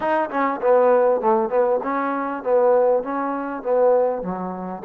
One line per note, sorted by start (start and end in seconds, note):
0.00 0.29 D#4
0.29 0.60 C#4
0.61 1.20 B3
1.20 1.49 A3
1.49 1.79 B3
1.83 2.43 C#4
2.43 3.03 B3
3.03 3.63 C#4
3.63 4.22 B3
4.22 4.82 F#3